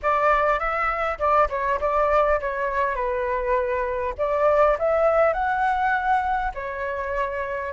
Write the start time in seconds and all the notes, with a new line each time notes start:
0.02 D5
0.59 E5
1.19 D5
1.49 C#5
1.80 D5
2.40 C#5
2.95 B4
4.18 D5
4.78 E5
5.33 F#5
6.54 C#5